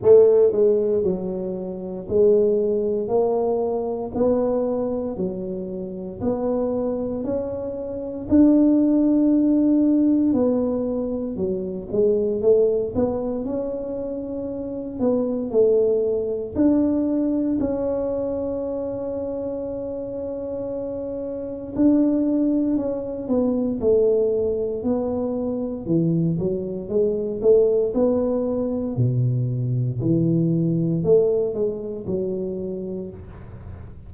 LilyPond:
\new Staff \with { instrumentName = "tuba" } { \time 4/4 \tempo 4 = 58 a8 gis8 fis4 gis4 ais4 | b4 fis4 b4 cis'4 | d'2 b4 fis8 gis8 | a8 b8 cis'4. b8 a4 |
d'4 cis'2.~ | cis'4 d'4 cis'8 b8 a4 | b4 e8 fis8 gis8 a8 b4 | b,4 e4 a8 gis8 fis4 | }